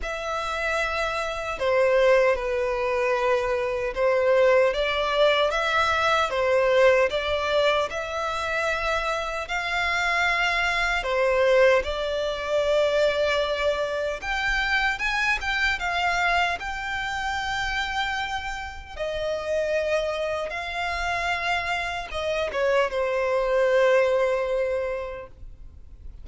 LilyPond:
\new Staff \with { instrumentName = "violin" } { \time 4/4 \tempo 4 = 76 e''2 c''4 b'4~ | b'4 c''4 d''4 e''4 | c''4 d''4 e''2 | f''2 c''4 d''4~ |
d''2 g''4 gis''8 g''8 | f''4 g''2. | dis''2 f''2 | dis''8 cis''8 c''2. | }